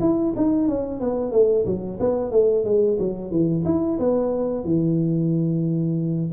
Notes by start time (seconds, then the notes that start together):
0.00 E4
0.36 D#4
0.68 C#4
1.00 B3
1.32 A3
1.65 F#3
2.00 B3
2.31 A3
2.65 G#3
2.99 F#3
3.31 E3
3.65 E4
3.99 B3
4.64 E3